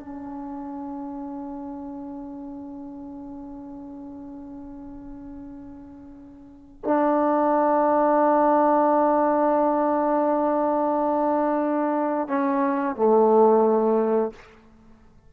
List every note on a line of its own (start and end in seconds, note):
0.00 6.82 C#4
6.85 12.29 D4
12.29 12.97 C#4
12.97 14.33 A3